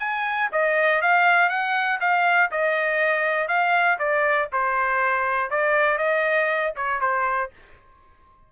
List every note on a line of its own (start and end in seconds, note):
0.00 0.50 G#5
0.53 1.02 D#5
1.02 1.50 F5
1.50 2.00 F#5
2.01 2.51 F5
2.52 3.48 D#5
3.48 3.98 F5
3.99 4.49 D5
4.53 5.51 C5
5.51 5.99 D5
5.99 6.74 D#5
6.77 7.01 C#5
7.01 7.51 C5